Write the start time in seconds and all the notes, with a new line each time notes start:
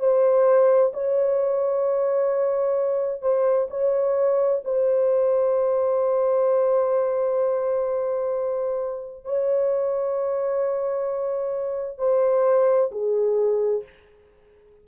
0.00 C5
0.94 C#5
3.22 C5
3.70 C#5
4.65 C5
9.25 C#5
11.98 C5
12.91 G#4